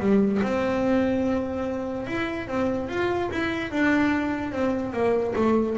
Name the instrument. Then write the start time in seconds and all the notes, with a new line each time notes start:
double bass
0.00 G3
0.43 C4
2.07 E4
2.48 C4
2.90 F4
3.31 E4
3.72 D4
4.52 C4
4.93 A#3
5.36 A3